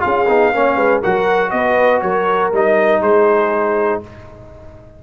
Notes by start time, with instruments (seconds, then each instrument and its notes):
0.00 tuba C#4, trombone F4, horn G#4, trumpet F5
0.29 tuba B3, trombone D#4
0.54 tuba A#3, trombone C#4, horn C#5
0.77 tuba G#3, horn B4
1.02 tuba F#3, trombone F#4, horn A#4, trumpet F#5
1.51 tuba B3, horn B4, trumpet D#5
2.02 tuba F#3, horn A#4, trumpet C#5
2.53 tuba G3, trombone D#4, trumpet D#5
3.02 tuba G#3, horn G#4, trumpet C5